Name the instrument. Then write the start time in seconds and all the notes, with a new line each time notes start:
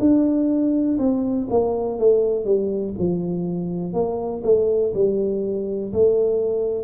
tuba
0.00 D4
0.99 C4
1.51 A#3
1.99 A3
2.45 G3
2.99 F3
3.93 A#3
4.44 A3
4.94 G3
5.93 A3